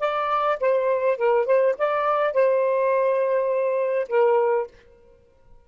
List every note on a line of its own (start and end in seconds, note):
0.00 0.58 D5
0.60 1.18 C5
1.18 1.46 A#4
1.46 1.75 C5
1.78 2.33 D5
2.33 4.08 C5
4.09 4.67 A#4